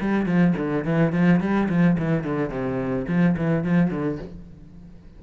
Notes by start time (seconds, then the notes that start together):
0.00 G3
0.26 F3
0.57 D3
0.85 E3
1.12 F3
1.40 G3
1.69 F3
1.98 E3
2.24 D3
2.50 C3
3.08 F3
3.37 E3
3.64 F3
3.90 D3